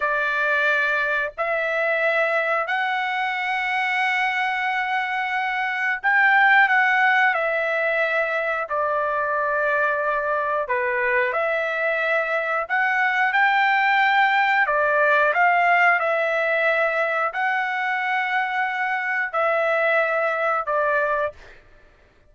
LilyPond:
\new Staff \with { instrumentName = "trumpet" } { \time 4/4 \tempo 4 = 90 d''2 e''2 | fis''1~ | fis''4 g''4 fis''4 e''4~ | e''4 d''2. |
b'4 e''2 fis''4 | g''2 d''4 f''4 | e''2 fis''2~ | fis''4 e''2 d''4 | }